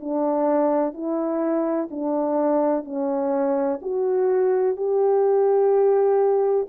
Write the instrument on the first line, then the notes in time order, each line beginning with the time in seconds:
horn
0.00 D4
0.93 E4
1.90 D4
2.84 C#4
3.81 F#4
4.76 G4